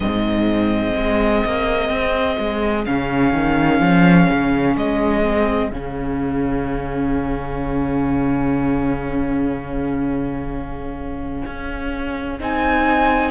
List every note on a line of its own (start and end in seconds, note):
0.00 0.91 G#2
0.00 2.85 C4
0.00 13.31 G#4
0.00 2.84 D#5
0.96 1.44 G#3
1.45 1.89 A#3
1.89 2.36 C4
2.39 2.86 G#3
2.85 3.33 C#3
2.85 5.22 C#4
2.85 4.76 F5
3.33 3.80 D#3
3.80 4.27 F3
4.29 4.76 C#3
4.76 5.71 G#3
4.76 5.70 D#5
5.22 5.70 C4
5.70 11.42 C#3
5.70 12.39 C#4
5.70 12.37 F5
11.45 12.39 C#4
12.39 13.31 C4
12.39 13.31 D#4
12.39 13.31 G#5